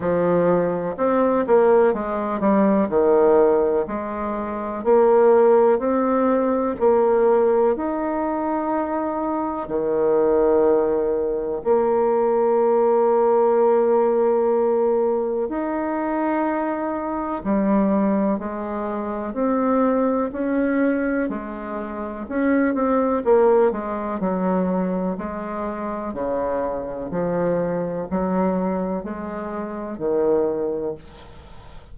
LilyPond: \new Staff \with { instrumentName = "bassoon" } { \time 4/4 \tempo 4 = 62 f4 c'8 ais8 gis8 g8 dis4 | gis4 ais4 c'4 ais4 | dis'2 dis2 | ais1 |
dis'2 g4 gis4 | c'4 cis'4 gis4 cis'8 c'8 | ais8 gis8 fis4 gis4 cis4 | f4 fis4 gis4 dis4 | }